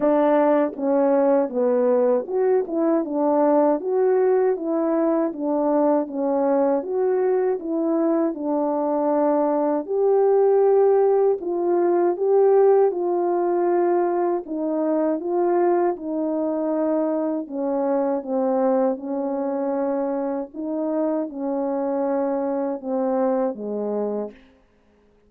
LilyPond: \new Staff \with { instrumentName = "horn" } { \time 4/4 \tempo 4 = 79 d'4 cis'4 b4 fis'8 e'8 | d'4 fis'4 e'4 d'4 | cis'4 fis'4 e'4 d'4~ | d'4 g'2 f'4 |
g'4 f'2 dis'4 | f'4 dis'2 cis'4 | c'4 cis'2 dis'4 | cis'2 c'4 gis4 | }